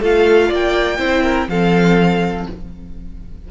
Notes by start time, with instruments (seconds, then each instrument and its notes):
0.00 cello A3, viola F4, violin A4 F5
0.48 cello A#3, violin D5 G5
0.98 cello C4, viola E4, violin C5
1.23 violin A#4
1.48 cello F3, viola C4, violin A4 F5